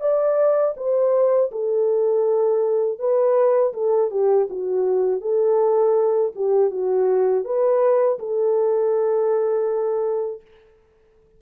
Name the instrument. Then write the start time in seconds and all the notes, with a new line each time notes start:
horn
0.00 D5
0.76 C5
1.51 A4
2.99 B4
3.73 A4
4.10 G4
4.49 F#4
5.21 A4
6.35 G4
6.70 F#4
7.44 B4
8.19 A4